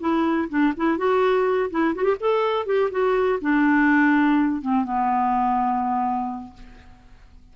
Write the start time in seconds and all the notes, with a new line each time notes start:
0.00 E4
0.49 D4
0.77 E4
0.98 F#4
1.70 E4
1.95 F#4
2.04 G4
2.20 A4
2.66 G4
2.91 F#4
3.41 D4
4.62 C4
4.85 B3